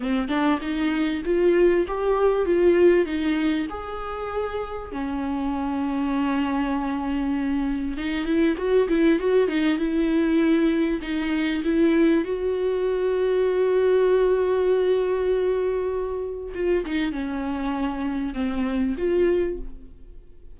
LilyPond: \new Staff \with { instrumentName = "viola" } { \time 4/4 \tempo 4 = 98 c'8 d'8 dis'4 f'4 g'4 | f'4 dis'4 gis'2 | cis'1~ | cis'4 dis'8 e'8 fis'8 e'8 fis'8 dis'8 |
e'2 dis'4 e'4 | fis'1~ | fis'2. f'8 dis'8 | cis'2 c'4 f'4 | }